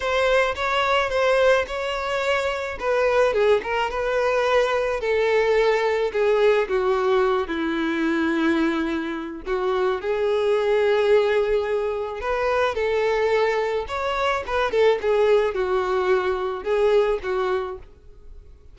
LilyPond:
\new Staff \with { instrumentName = "violin" } { \time 4/4 \tempo 4 = 108 c''4 cis''4 c''4 cis''4~ | cis''4 b'4 gis'8 ais'8 b'4~ | b'4 a'2 gis'4 | fis'4. e'2~ e'8~ |
e'4 fis'4 gis'2~ | gis'2 b'4 a'4~ | a'4 cis''4 b'8 a'8 gis'4 | fis'2 gis'4 fis'4 | }